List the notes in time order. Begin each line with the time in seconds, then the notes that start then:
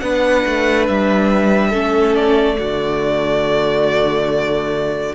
0.00 B3 D4 B4 F#5
0.46 A3
0.87 G3 E5
1.70 A3 C#4 A4
2.15 D5
2.55 A3 F#4
2.62 D3